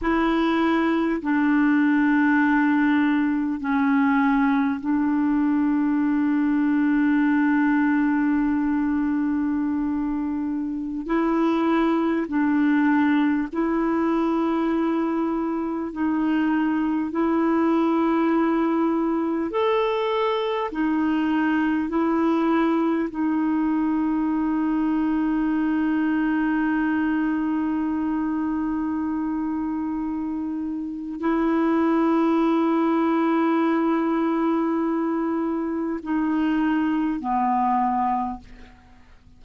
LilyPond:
\new Staff \with { instrumentName = "clarinet" } { \time 4/4 \tempo 4 = 50 e'4 d'2 cis'4 | d'1~ | d'4~ d'16 e'4 d'4 e'8.~ | e'4~ e'16 dis'4 e'4.~ e'16~ |
e'16 a'4 dis'4 e'4 dis'8.~ | dis'1~ | dis'2 e'2~ | e'2 dis'4 b4 | }